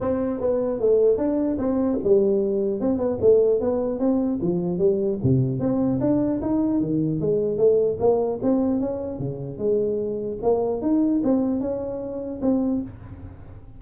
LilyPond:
\new Staff \with { instrumentName = "tuba" } { \time 4/4 \tempo 4 = 150 c'4 b4 a4 d'4 | c'4 g2 c'8 b8 | a4 b4 c'4 f4 | g4 c4 c'4 d'4 |
dis'4 dis4 gis4 a4 | ais4 c'4 cis'4 cis4 | gis2 ais4 dis'4 | c'4 cis'2 c'4 | }